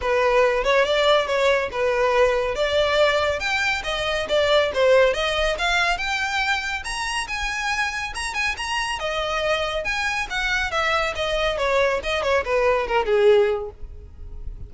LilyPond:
\new Staff \with { instrumentName = "violin" } { \time 4/4 \tempo 4 = 140 b'4. cis''8 d''4 cis''4 | b'2 d''2 | g''4 dis''4 d''4 c''4 | dis''4 f''4 g''2 |
ais''4 gis''2 ais''8 gis''8 | ais''4 dis''2 gis''4 | fis''4 e''4 dis''4 cis''4 | dis''8 cis''8 b'4 ais'8 gis'4. | }